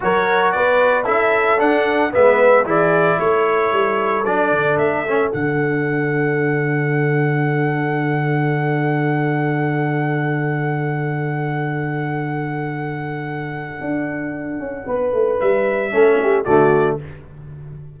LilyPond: <<
  \new Staff \with { instrumentName = "trumpet" } { \time 4/4 \tempo 4 = 113 cis''4 d''4 e''4 fis''4 | e''4 d''4 cis''2 | d''4 e''4 fis''2~ | fis''1~ |
fis''1~ | fis''1~ | fis''1~ | fis''4 e''2 d''4 | }
  \new Staff \with { instrumentName = "horn" } { \time 4/4 ais'4 b'4 a'2 | b'4 gis'4 a'2~ | a'1~ | a'1~ |
a'1~ | a'1~ | a'1 | b'2 a'8 g'8 fis'4 | }
  \new Staff \with { instrumentName = "trombone" } { \time 4/4 fis'2 e'4 d'4 | b4 e'2. | d'4. cis'8 d'2~ | d'1~ |
d'1~ | d'1~ | d'1~ | d'2 cis'4 a4 | }
  \new Staff \with { instrumentName = "tuba" } { \time 4/4 fis4 b4 cis'4 d'4 | gis4 e4 a4 g4 | fis8 d8 a4 d2~ | d1~ |
d1~ | d1~ | d2 d'4. cis'8 | b8 a8 g4 a4 d4 | }
>>